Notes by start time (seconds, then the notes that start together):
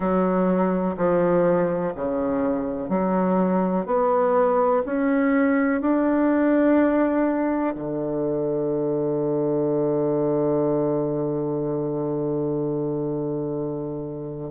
0.00 F#3
0.96 F3
1.95 C#3
2.89 F#3
3.86 B3
4.85 C#4
5.81 D4
7.75 D3